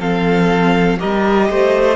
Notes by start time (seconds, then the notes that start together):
0.00 F3 C4 A4 F5
0.98 G3 G4 A#4 D#5
1.50 A3 C5